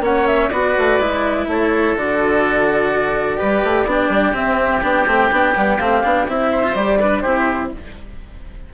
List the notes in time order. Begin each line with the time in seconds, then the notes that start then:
0.00 A#3 C#4 C#5 F#5
0.27 E5
0.49 B3 F#4 B4 D5
0.77 A3
0.99 G#3 E4
1.47 A3 A4 C#5
1.96 D3 F#4 D5
3.38 G3 G4 B4
3.63 A3
3.85 B3 D4 G4
4.09 G3
4.33 C4 E5
4.82 B3 D4 G5
5.06 A3 C4
5.31 B3 D4
5.54 G3 B3
5.78 A3 C4 F5
6.03 B3 D4
6.28 C4 E4 E5
6.51 C5
6.63 F4
6.74 G3 G4 D5
7.00 D4 B4
7.21 C4 E4 G4 C5